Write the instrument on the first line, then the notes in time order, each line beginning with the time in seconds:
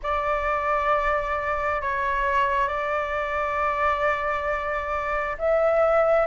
flute
0.02 D5
1.81 C#5
2.68 D5
5.38 E5